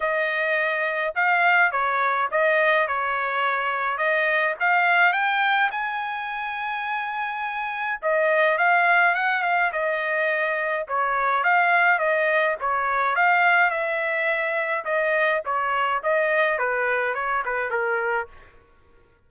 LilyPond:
\new Staff \with { instrumentName = "trumpet" } { \time 4/4 \tempo 4 = 105 dis''2 f''4 cis''4 | dis''4 cis''2 dis''4 | f''4 g''4 gis''2~ | gis''2 dis''4 f''4 |
fis''8 f''8 dis''2 cis''4 | f''4 dis''4 cis''4 f''4 | e''2 dis''4 cis''4 | dis''4 b'4 cis''8 b'8 ais'4 | }